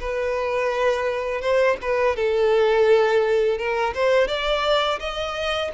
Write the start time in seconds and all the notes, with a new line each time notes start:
0.00 B4
1.41 C5
1.81 B4
2.16 A4
3.58 A#4
3.94 C5
4.28 D5
5.00 D#5